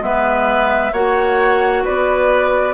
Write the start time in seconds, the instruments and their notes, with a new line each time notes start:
0.00 bassoon G#3, clarinet B3, oboe B4, flute E5
0.92 bassoon A#3, clarinet F#4, oboe C#5, flute F#5
1.83 bassoon B3, oboe B4, flute D5